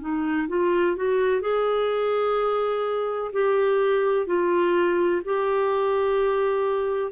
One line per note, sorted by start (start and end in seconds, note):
0.00 0.48 D#4
0.48 0.96 F4
0.96 1.41 F#4
1.41 3.32 G#4
3.32 4.26 G4
4.26 5.22 F4
5.25 7.12 G4